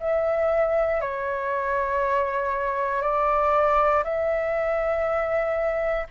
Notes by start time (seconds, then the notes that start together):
0.00 E5
1.01 C#5
3.02 D5
4.04 E5